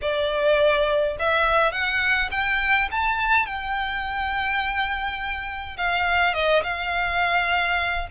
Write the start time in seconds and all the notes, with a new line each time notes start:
0.01 D5
1.19 E5
1.72 F#5
2.31 G5
2.91 A5
3.46 G5
5.77 F5
6.34 D#5
6.63 F5